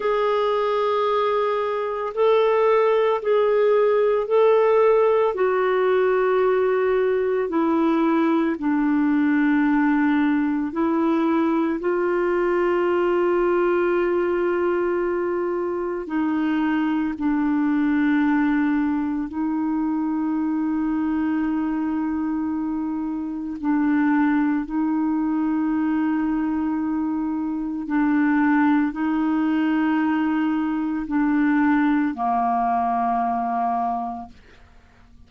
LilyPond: \new Staff \with { instrumentName = "clarinet" } { \time 4/4 \tempo 4 = 56 gis'2 a'4 gis'4 | a'4 fis'2 e'4 | d'2 e'4 f'4~ | f'2. dis'4 |
d'2 dis'2~ | dis'2 d'4 dis'4~ | dis'2 d'4 dis'4~ | dis'4 d'4 ais2 | }